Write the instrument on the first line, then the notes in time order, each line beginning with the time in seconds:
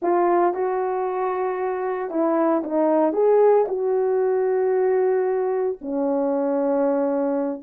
horn
0.01 F4
0.54 F#4
2.10 E4
2.63 D#4
3.12 G#4
3.67 F#4
5.81 C#4